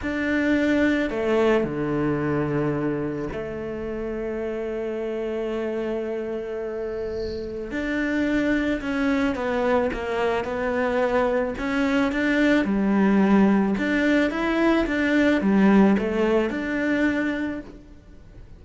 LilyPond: \new Staff \with { instrumentName = "cello" } { \time 4/4 \tempo 4 = 109 d'2 a4 d4~ | d2 a2~ | a1~ | a2 d'2 |
cis'4 b4 ais4 b4~ | b4 cis'4 d'4 g4~ | g4 d'4 e'4 d'4 | g4 a4 d'2 | }